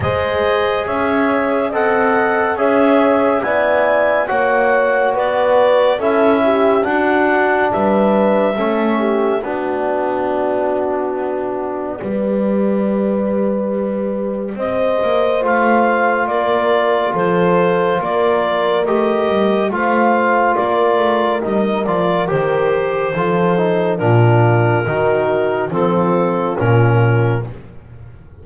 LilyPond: <<
  \new Staff \with { instrumentName = "clarinet" } { \time 4/4 \tempo 4 = 70 dis''4 e''4 fis''4 e''4 | gis''4 fis''4 d''4 e''4 | fis''4 e''2 d''4~ | d''1~ |
d''4 dis''4 f''4 d''4 | c''4 d''4 dis''4 f''4 | d''4 dis''8 d''8 c''2 | ais'2 a'4 ais'4 | }
  \new Staff \with { instrumentName = "horn" } { \time 4/4 c''4 cis''4 dis''4 cis''4 | d''4 cis''4 b'4 a'8 g'8 | fis'4 b'4 a'8 g'8 fis'4~ | fis'2 b'2~ |
b'4 c''2 ais'4 | a'4 ais'2 c''4 | ais'2. a'4 | f'4 fis'4 f'2 | }
  \new Staff \with { instrumentName = "trombone" } { \time 4/4 gis'2 a'4 gis'4 | e'4 fis'2 e'4 | d'2 cis'4 d'4~ | d'2 g'2~ |
g'2 f'2~ | f'2 g'4 f'4~ | f'4 dis'8 f'8 g'4 f'8 dis'8 | d'4 dis'4 c'4 cis'4 | }
  \new Staff \with { instrumentName = "double bass" } { \time 4/4 gis4 cis'4 c'4 cis'4 | b4 ais4 b4 cis'4 | d'4 g4 a4 b4~ | b2 g2~ |
g4 c'8 ais8 a4 ais4 | f4 ais4 a8 g8 a4 | ais8 a8 g8 f8 dis4 f4 | ais,4 dis4 f4 ais,4 | }
>>